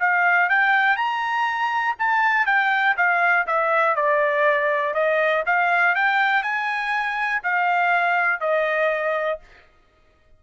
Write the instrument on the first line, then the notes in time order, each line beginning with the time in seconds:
trumpet
0.00 F5
0.49 G5
0.97 A#5
1.99 A5
2.46 G5
2.97 F5
3.47 E5
3.96 D5
4.94 D#5
5.46 F5
5.95 G5
6.43 G#5
7.44 F5
8.41 D#5